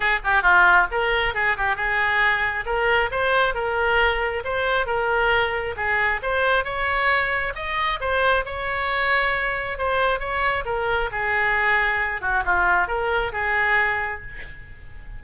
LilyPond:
\new Staff \with { instrumentName = "oboe" } { \time 4/4 \tempo 4 = 135 gis'8 g'8 f'4 ais'4 gis'8 g'8 | gis'2 ais'4 c''4 | ais'2 c''4 ais'4~ | ais'4 gis'4 c''4 cis''4~ |
cis''4 dis''4 c''4 cis''4~ | cis''2 c''4 cis''4 | ais'4 gis'2~ gis'8 fis'8 | f'4 ais'4 gis'2 | }